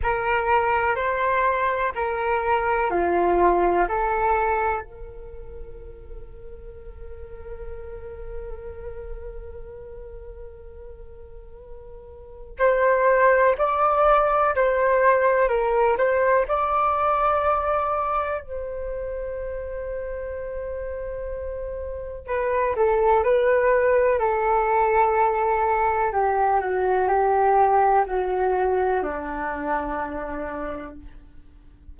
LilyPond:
\new Staff \with { instrumentName = "flute" } { \time 4/4 \tempo 4 = 62 ais'4 c''4 ais'4 f'4 | a'4 ais'2.~ | ais'1~ | ais'4 c''4 d''4 c''4 |
ais'8 c''8 d''2 c''4~ | c''2. b'8 a'8 | b'4 a'2 g'8 fis'8 | g'4 fis'4 d'2 | }